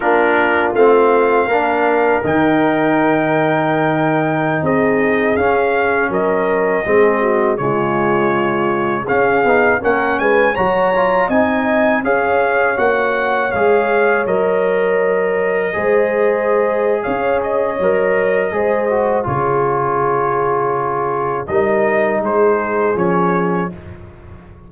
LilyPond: <<
  \new Staff \with { instrumentName = "trumpet" } { \time 4/4 \tempo 4 = 81 ais'4 f''2 g''4~ | g''2~ g''16 dis''4 f''8.~ | f''16 dis''2 cis''4.~ cis''16~ | cis''16 f''4 fis''8 gis''8 ais''4 gis''8.~ |
gis''16 f''4 fis''4 f''4 dis''8.~ | dis''2. f''8 dis''8~ | dis''2 cis''2~ | cis''4 dis''4 c''4 cis''4 | }
  \new Staff \with { instrumentName = "horn" } { \time 4/4 f'2 ais'2~ | ais'2~ ais'16 gis'4.~ gis'16~ | gis'16 ais'4 gis'8 fis'8 f'4.~ f'16~ | f'16 gis'4 ais'8 b'8 cis''4 dis''8.~ |
dis''16 cis''2.~ cis''8.~ | cis''4~ cis''16 c''4.~ c''16 cis''4~ | cis''4 c''4 gis'2~ | gis'4 ais'4 gis'2 | }
  \new Staff \with { instrumentName = "trombone" } { \time 4/4 d'4 c'4 d'4 dis'4~ | dis'2.~ dis'16 cis'8.~ | cis'4~ cis'16 c'4 gis4.~ gis16~ | gis16 cis'8 dis'8 cis'4 fis'8 f'8 dis'8.~ |
dis'16 gis'4 fis'4 gis'4 ais'8.~ | ais'4~ ais'16 gis'2~ gis'8. | ais'4 gis'8 fis'8 f'2~ | f'4 dis'2 cis'4 | }
  \new Staff \with { instrumentName = "tuba" } { \time 4/4 ais4 a4 ais4 dis4~ | dis2~ dis16 c'4 cis'8.~ | cis'16 fis4 gis4 cis4.~ cis16~ | cis16 cis'8 b8 ais8 gis8 fis4 c'8.~ |
c'16 cis'4 ais4 gis4 fis8.~ | fis4~ fis16 gis4.~ gis16 cis'4 | fis4 gis4 cis2~ | cis4 g4 gis4 f4 | }
>>